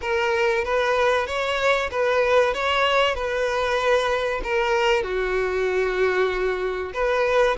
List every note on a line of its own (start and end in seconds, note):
0.01 0.64 A#4
0.64 1.26 B4
1.26 1.89 C#5
1.91 2.53 B4
2.53 3.14 C#5
3.14 4.41 B4
4.43 5.03 A#4
5.03 6.92 F#4
6.93 7.56 B4